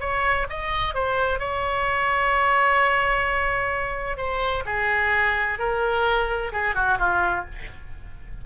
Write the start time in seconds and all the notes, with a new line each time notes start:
0.00 C#5
0.49 D#5
0.95 C5
1.39 C#5
4.17 C5
4.66 G#4
5.59 A#4
6.52 G#4
6.75 F#4
6.99 F4